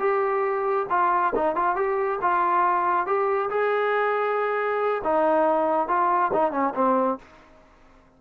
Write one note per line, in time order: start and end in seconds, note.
0.00 0.87 G4
0.90 1.33 F4
1.36 1.56 D#4
1.56 1.76 F4
1.76 2.20 G4
2.22 3.07 F4
3.07 3.50 G4
3.50 5.03 G#4
5.05 5.88 D#4
5.88 6.32 F4
6.34 6.52 D#4
6.52 6.74 C#4
6.75 7.19 C4